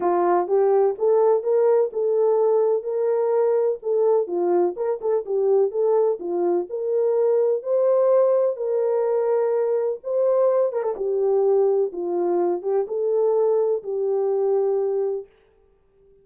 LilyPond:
\new Staff \with { instrumentName = "horn" } { \time 4/4 \tempo 4 = 126 f'4 g'4 a'4 ais'4 | a'2 ais'2 | a'4 f'4 ais'8 a'8 g'4 | a'4 f'4 ais'2 |
c''2 ais'2~ | ais'4 c''4. ais'16 a'16 g'4~ | g'4 f'4. g'8 a'4~ | a'4 g'2. | }